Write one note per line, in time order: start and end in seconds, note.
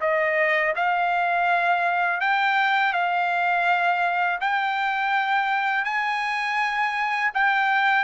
0.00 0.73 D#5
0.75 2.20 F5
2.20 2.93 G5
2.93 4.39 F5
4.40 5.84 G5
5.84 7.31 G#5
7.34 8.04 G5